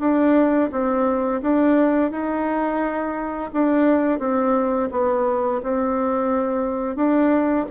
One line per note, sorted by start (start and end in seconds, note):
0.00 0.70 D4
0.72 1.42 C4
1.42 2.11 D4
2.11 3.51 D#4
3.53 4.19 D4
4.19 4.89 C4
4.92 5.61 B3
5.63 6.96 C4
6.96 7.66 D4